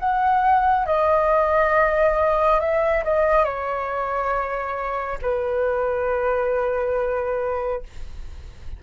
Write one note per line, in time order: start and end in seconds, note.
0.00 0.86 F#5
0.86 2.60 D#5
2.60 3.04 E5
3.04 3.45 D#5
3.45 5.19 C#5
5.23 7.83 B4